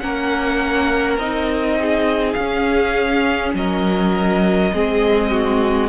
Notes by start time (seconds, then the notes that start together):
0.00 A#3 C#4 A#4 F#5
1.17 C4 D#4 D#5
1.81 G#4
2.33 C#4 F5
2.41 C#4
3.54 F#3 A#4 D#5
4.74 G#3 C4 G#4
5.31 F#4